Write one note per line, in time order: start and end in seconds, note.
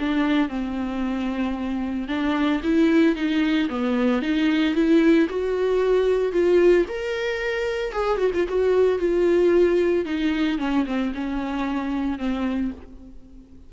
0.00 0.49 D4
0.49 2.09 C4
2.09 2.62 D4
2.64 3.16 E4
3.16 3.69 D#4
3.70 4.23 B3
4.23 4.75 D#4
4.75 5.29 E4
5.30 6.33 F#4
6.33 6.86 F4
6.89 7.93 A#4
7.93 8.18 G#4
8.18 8.31 F#4
8.35 8.48 F4
8.49 8.99 F#4
8.99 10.05 F4
10.05 10.59 D#4
10.59 10.86 C#4
10.86 11.13 C4
11.15 12.19 C#4
12.19 12.72 C4